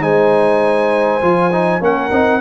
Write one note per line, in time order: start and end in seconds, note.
0.00 1.20 G#3
0.00 1.20 D#4
0.00 1.82 C5
0.00 1.82 G#5
1.21 1.80 F3
1.21 1.51 F4
1.52 1.81 D#4
1.80 2.10 A#3
1.80 2.10 C#4
1.80 2.41 A#4
1.80 2.41 F#5
2.10 2.41 C4
2.10 2.40 D#4